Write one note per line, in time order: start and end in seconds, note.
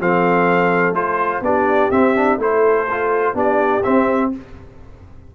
0.00 0.91 F3
0.00 0.94 C4
0.00 1.44 A4
0.00 0.94 F5
0.91 1.39 A3
0.91 1.42 F4
0.91 1.42 C5
1.41 1.89 B3
1.41 1.91 D4
1.41 2.40 G4
1.41 1.91 D5
1.91 2.38 C4
1.91 2.15 C4
1.91 2.39 E5
2.15 2.39 D4
2.38 3.34 A3
2.38 2.87 E4
2.38 3.34 A4
2.38 3.37 C5
2.90 3.35 F4
3.34 3.82 B3
3.34 3.83 D4
3.34 4.30 G4
3.34 3.83 D5
3.83 4.32 C4
3.83 4.35 C4
3.83 4.31 E5